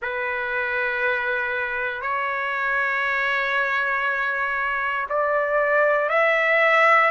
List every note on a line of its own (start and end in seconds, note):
0.02 2.01 B4
2.01 5.06 C#5
5.09 6.09 D5
6.09 7.10 E5